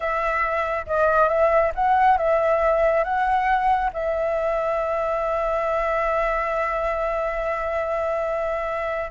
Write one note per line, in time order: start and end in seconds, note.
0.00 0.86 E5
0.86 1.28 D#5
1.28 1.72 E5
1.75 2.17 F#5
2.17 3.04 E5
3.04 3.91 F#5
3.93 9.11 E5